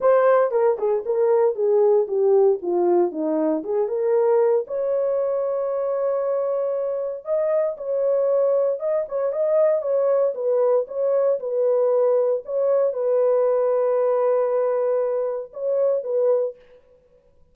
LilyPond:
\new Staff \with { instrumentName = "horn" } { \time 4/4 \tempo 4 = 116 c''4 ais'8 gis'8 ais'4 gis'4 | g'4 f'4 dis'4 gis'8 ais'8~ | ais'4 cis''2.~ | cis''2 dis''4 cis''4~ |
cis''4 dis''8 cis''8 dis''4 cis''4 | b'4 cis''4 b'2 | cis''4 b'2.~ | b'2 cis''4 b'4 | }